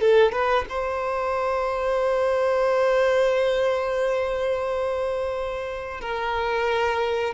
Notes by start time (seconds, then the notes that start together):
0.00 A4
0.32 B4
0.69 C5
6.00 A#4